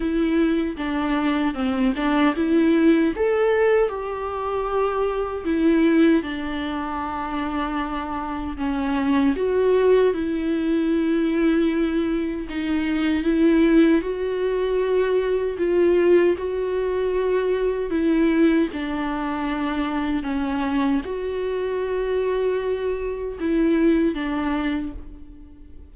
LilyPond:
\new Staff \with { instrumentName = "viola" } { \time 4/4 \tempo 4 = 77 e'4 d'4 c'8 d'8 e'4 | a'4 g'2 e'4 | d'2. cis'4 | fis'4 e'2. |
dis'4 e'4 fis'2 | f'4 fis'2 e'4 | d'2 cis'4 fis'4~ | fis'2 e'4 d'4 | }